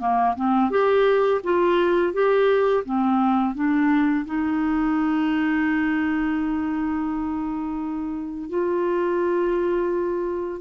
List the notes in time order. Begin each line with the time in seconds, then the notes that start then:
0.00 A#3
0.36 C4
0.71 G4
1.44 F4
2.13 G4
2.85 C4
3.55 D4
4.26 D#4
8.49 F4